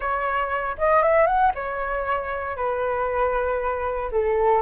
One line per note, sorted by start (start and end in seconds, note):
0.00 0.76 C#5
0.78 1.02 D#5
1.02 1.26 E5
1.26 1.52 F#5
1.55 2.56 C#5
2.56 4.10 B4
4.11 4.62 A4